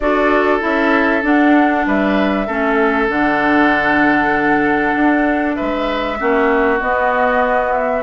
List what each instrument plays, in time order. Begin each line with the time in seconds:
0.00 bassoon D4, clarinet F#4, oboe A4, flute D5
0.60 bassoon C#4, clarinet E4, flute E5
1.23 clarinet D4, bassoon D4, flute F#5
1.86 bassoon G3, oboe B4, flute E5
2.46 bassoon A3, clarinet C#4, oboe A4
3.08 bassoon D3, clarinet D4, flute F#5
4.95 bassoon D4
5.55 bassoon G#3, oboe B4, flute E5
6.17 bassoon A#3, clarinet C#4, oboe F#4
6.79 clarinet B3, bassoon B3, flute D#5
7.72 flute E5